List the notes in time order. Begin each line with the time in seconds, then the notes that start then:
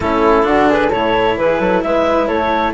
0.00 A3 C#4 E4 A4
0.43 D3 D4 F#4
0.68 G#4 B4
0.89 A2 E4 A4 C#5
1.37 E3 G#4 B4
1.59 F#3 A4
1.82 G#3 B4 E5
2.27 A3 A4 C#5